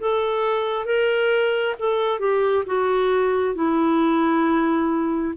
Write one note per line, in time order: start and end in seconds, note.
0.00 0.86 A4
0.86 1.75 A#4
1.79 2.20 A4
2.20 2.65 G4
2.67 3.55 F#4
3.55 5.34 E4